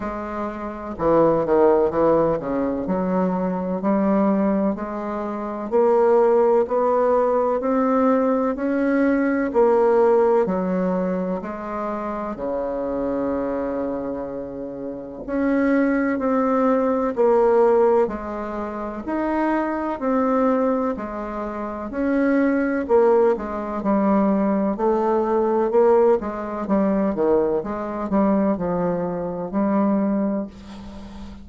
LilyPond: \new Staff \with { instrumentName = "bassoon" } { \time 4/4 \tempo 4 = 63 gis4 e8 dis8 e8 cis8 fis4 | g4 gis4 ais4 b4 | c'4 cis'4 ais4 fis4 | gis4 cis2. |
cis'4 c'4 ais4 gis4 | dis'4 c'4 gis4 cis'4 | ais8 gis8 g4 a4 ais8 gis8 | g8 dis8 gis8 g8 f4 g4 | }